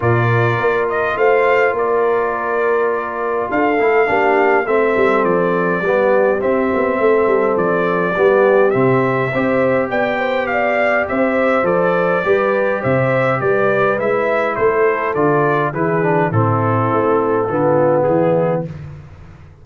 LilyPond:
<<
  \new Staff \with { instrumentName = "trumpet" } { \time 4/4 \tempo 4 = 103 d''4. dis''8 f''4 d''4~ | d''2 f''2 | e''4 d''2 e''4~ | e''4 d''2 e''4~ |
e''4 g''4 f''4 e''4 | d''2 e''4 d''4 | e''4 c''4 d''4 b'4 | a'2. gis'4 | }
  \new Staff \with { instrumentName = "horn" } { \time 4/4 ais'2 c''4 ais'4~ | ais'2 a'4 g'4 | a'2 g'2 | a'2 g'2 |
c''4 d''8 c''8 d''4 c''4~ | c''4 b'4 c''4 b'4~ | b'4 a'2 gis'4 | e'2 f'4 e'4 | }
  \new Staff \with { instrumentName = "trombone" } { \time 4/4 f'1~ | f'2~ f'8 e'8 d'4 | c'2 b4 c'4~ | c'2 b4 c'4 |
g'1 | a'4 g'2. | e'2 f'4 e'8 d'8 | c'2 b2 | }
  \new Staff \with { instrumentName = "tuba" } { \time 4/4 ais,4 ais4 a4 ais4~ | ais2 d'8 a8 ais4 | a8 g8 f4 g4 c'8 b8 | a8 g8 f4 g4 c4 |
c'4 b2 c'4 | f4 g4 c4 g4 | gis4 a4 d4 e4 | a,4 a4 d4 e4 | }
>>